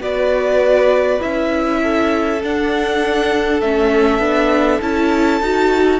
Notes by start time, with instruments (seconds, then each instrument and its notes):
0.00 cello B3, viola F#4, violin B4 D5
1.20 cello C#4, viola E4, violin E5
1.82 violin A4
2.43 cello D4, viola D4, violin F#5
3.61 cello A3, viola C#4, violin E5
4.19 cello B3, viola D4
4.82 cello C#4, viola E4, violin A5
5.41 cello D#4, viola F#4